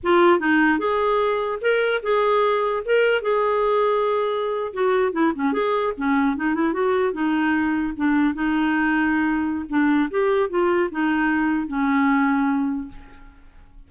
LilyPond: \new Staff \with { instrumentName = "clarinet" } { \time 4/4 \tempo 4 = 149 f'4 dis'4 gis'2 | ais'4 gis'2 ais'4 | gis'2.~ gis'8. fis'16~ | fis'8. e'8 cis'8 gis'4 cis'4 dis'16~ |
dis'16 e'8 fis'4 dis'2 d'16~ | d'8. dis'2.~ dis'16 | d'4 g'4 f'4 dis'4~ | dis'4 cis'2. | }